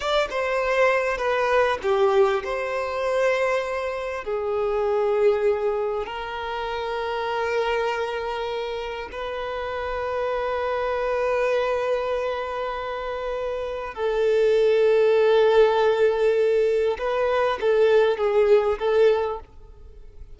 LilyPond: \new Staff \with { instrumentName = "violin" } { \time 4/4 \tempo 4 = 99 d''8 c''4. b'4 g'4 | c''2. gis'4~ | gis'2 ais'2~ | ais'2. b'4~ |
b'1~ | b'2. a'4~ | a'1 | b'4 a'4 gis'4 a'4 | }